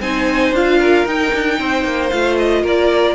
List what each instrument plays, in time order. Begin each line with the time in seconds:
0.00 cello C4, viola D#4, violin C5 G#5
0.52 cello D4, viola F4, violin F5
0.78 violin A#4
1.05 cello D#4, viola D#4, violin G5
1.33 cello D4
1.59 cello C4, violin C5
1.84 cello A#3
2.09 cello A3, viola F4, violin F5
2.37 violin D#5
2.62 cello A#3, violin A#4 D5